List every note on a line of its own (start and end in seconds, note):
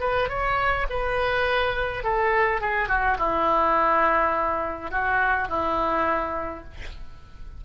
0.00 0.29 B4
0.29 0.86 C#5
0.89 2.03 B4
2.03 2.61 A4
2.61 2.88 G#4
2.88 3.17 F#4
3.18 4.91 E4
4.91 5.48 F#4
5.49 6.64 E4